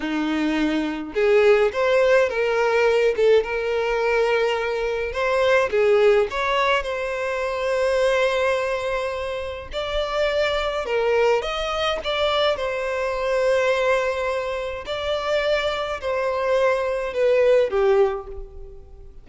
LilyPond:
\new Staff \with { instrumentName = "violin" } { \time 4/4 \tempo 4 = 105 dis'2 gis'4 c''4 | ais'4. a'8 ais'2~ | ais'4 c''4 gis'4 cis''4 | c''1~ |
c''4 d''2 ais'4 | dis''4 d''4 c''2~ | c''2 d''2 | c''2 b'4 g'4 | }